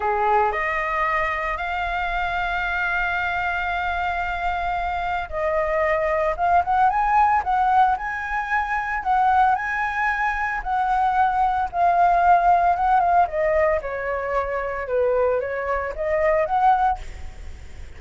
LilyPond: \new Staff \with { instrumentName = "flute" } { \time 4/4 \tempo 4 = 113 gis'4 dis''2 f''4~ | f''1~ | f''2 dis''2 | f''8 fis''8 gis''4 fis''4 gis''4~ |
gis''4 fis''4 gis''2 | fis''2 f''2 | fis''8 f''8 dis''4 cis''2 | b'4 cis''4 dis''4 fis''4 | }